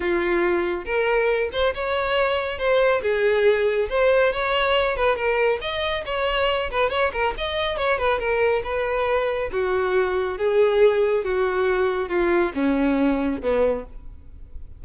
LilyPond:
\new Staff \with { instrumentName = "violin" } { \time 4/4 \tempo 4 = 139 f'2 ais'4. c''8 | cis''2 c''4 gis'4~ | gis'4 c''4 cis''4. b'8 | ais'4 dis''4 cis''4. b'8 |
cis''8 ais'8 dis''4 cis''8 b'8 ais'4 | b'2 fis'2 | gis'2 fis'2 | f'4 cis'2 b4 | }